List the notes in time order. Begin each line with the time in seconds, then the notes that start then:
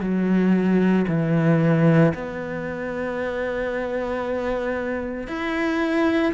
0.00 F#3
1.08 E3
2.14 B3
5.27 E4